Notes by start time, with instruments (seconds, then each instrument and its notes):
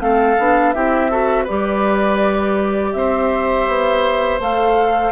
0.00 bassoon A3, clarinet C4, oboe A4, flute F5
0.39 bassoon B3, clarinet D4
0.73 bassoon C4, clarinet E4, oboe G4, flute E5
1.11 clarinet F#4, oboe A4
1.44 clarinet G4, oboe B4, flute D5
1.50 bassoon G3
2.93 bassoon C4, oboe C5, flute E5
3.67 bassoon B3
4.40 bassoon A3, clarinet A4, flute F5